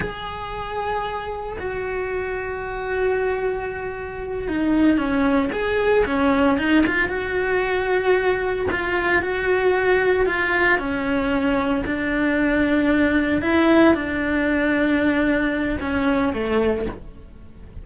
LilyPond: \new Staff \with { instrumentName = "cello" } { \time 4/4 \tempo 4 = 114 gis'2. fis'4~ | fis'1~ | fis'8 dis'4 cis'4 gis'4 cis'8~ | cis'8 dis'8 f'8 fis'2~ fis'8~ |
fis'8 f'4 fis'2 f'8~ | f'8 cis'2 d'4.~ | d'4. e'4 d'4.~ | d'2 cis'4 a4 | }